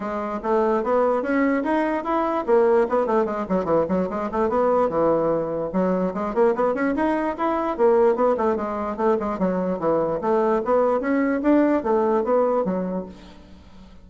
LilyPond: \new Staff \with { instrumentName = "bassoon" } { \time 4/4 \tempo 4 = 147 gis4 a4 b4 cis'4 | dis'4 e'4 ais4 b8 a8 | gis8 fis8 e8 fis8 gis8 a8 b4 | e2 fis4 gis8 ais8 |
b8 cis'8 dis'4 e'4 ais4 | b8 a8 gis4 a8 gis8 fis4 | e4 a4 b4 cis'4 | d'4 a4 b4 fis4 | }